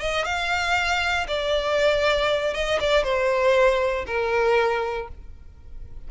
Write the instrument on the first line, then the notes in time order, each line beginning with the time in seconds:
violin
0.00 D#5
0.25 F5
1.27 D5
2.54 D#5
2.80 D5
3.03 C5
4.06 A#4